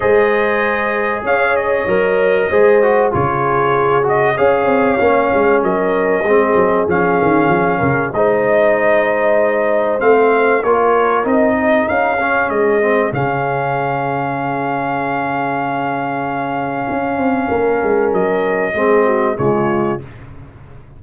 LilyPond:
<<
  \new Staff \with { instrumentName = "trumpet" } { \time 4/4 \tempo 4 = 96 dis''2 f''8 dis''4.~ | dis''4 cis''4. dis''8 f''4~ | f''4 dis''2 f''4~ | f''4 dis''2. |
f''4 cis''4 dis''4 f''4 | dis''4 f''2.~ | f''1~ | f''4 dis''2 cis''4 | }
  \new Staff \with { instrumentName = "horn" } { \time 4/4 c''2 cis''2 | c''4 gis'2 cis''4~ | cis''4 ais'4 gis'2~ | gis'8 ais'8 c''2.~ |
c''4 ais'4. gis'4.~ | gis'1~ | gis'1 | ais'2 gis'8 fis'8 f'4 | }
  \new Staff \with { instrumentName = "trombone" } { \time 4/4 gis'2. ais'4 | gis'8 fis'8 f'4. fis'8 gis'4 | cis'2 c'4 cis'4~ | cis'4 dis'2. |
c'4 f'4 dis'4. cis'8~ | cis'8 c'8 cis'2.~ | cis'1~ | cis'2 c'4 gis4 | }
  \new Staff \with { instrumentName = "tuba" } { \time 4/4 gis2 cis'4 fis4 | gis4 cis2 cis'8 c'8 | ais8 gis8 fis4 gis8 fis8 f8 dis8 | f8 cis8 gis2. |
a4 ais4 c'4 cis'4 | gis4 cis2.~ | cis2. cis'8 c'8 | ais8 gis8 fis4 gis4 cis4 | }
>>